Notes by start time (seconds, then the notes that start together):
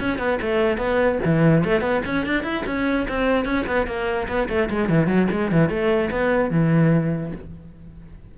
0.00 C#4
0.19 B3
0.42 A3
0.78 B3
1.25 E3
1.65 A3
1.81 B3
2.06 C#4
2.27 D4
2.44 E4
2.67 C#4
3.09 C4
3.46 C#4
3.67 B3
3.87 A#3
4.28 B3
4.49 A3
4.71 G#3
4.90 E3
5.08 F#3
5.32 G#3
5.52 E3
5.70 A3
6.12 B3
6.51 E3